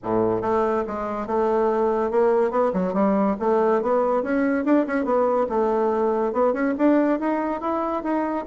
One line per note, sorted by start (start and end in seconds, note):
0.03 0.41 A2
0.41 0.84 A3
0.87 1.26 G#3
1.26 2.10 A3
2.10 2.50 A#3
2.50 2.72 B3
2.73 2.93 F#3
2.93 3.36 G3
3.39 3.81 A3
3.82 4.23 B3
4.23 4.65 C#4
4.65 4.86 D4
4.86 5.04 C#4
5.04 5.47 B3
5.49 6.32 A3
6.32 6.53 B3
6.53 6.74 C#4
6.78 7.19 D4
7.19 7.60 D#4
7.60 8.03 E4
8.03 8.45 D#4